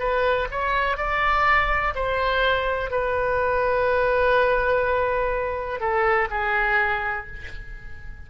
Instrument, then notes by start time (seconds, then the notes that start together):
oboe
0.00 B4
0.51 C#5
0.98 D5
1.96 C5
2.91 B4
5.81 A4
6.30 G#4